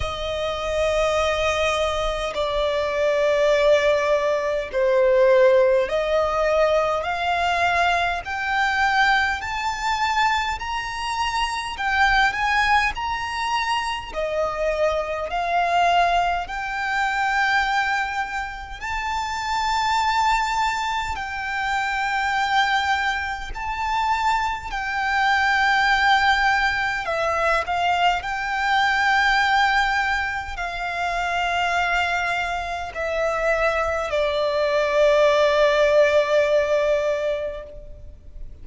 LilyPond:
\new Staff \with { instrumentName = "violin" } { \time 4/4 \tempo 4 = 51 dis''2 d''2 | c''4 dis''4 f''4 g''4 | a''4 ais''4 g''8 gis''8 ais''4 | dis''4 f''4 g''2 |
a''2 g''2 | a''4 g''2 e''8 f''8 | g''2 f''2 | e''4 d''2. | }